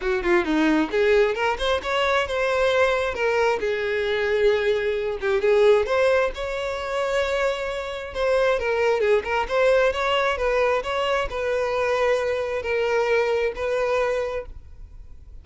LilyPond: \new Staff \with { instrumentName = "violin" } { \time 4/4 \tempo 4 = 133 fis'8 f'8 dis'4 gis'4 ais'8 c''8 | cis''4 c''2 ais'4 | gis'2.~ gis'8 g'8 | gis'4 c''4 cis''2~ |
cis''2 c''4 ais'4 | gis'8 ais'8 c''4 cis''4 b'4 | cis''4 b'2. | ais'2 b'2 | }